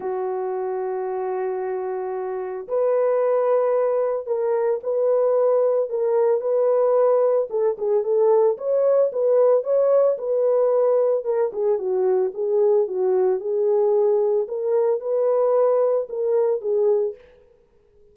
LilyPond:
\new Staff \with { instrumentName = "horn" } { \time 4/4 \tempo 4 = 112 fis'1~ | fis'4 b'2. | ais'4 b'2 ais'4 | b'2 a'8 gis'8 a'4 |
cis''4 b'4 cis''4 b'4~ | b'4 ais'8 gis'8 fis'4 gis'4 | fis'4 gis'2 ais'4 | b'2 ais'4 gis'4 | }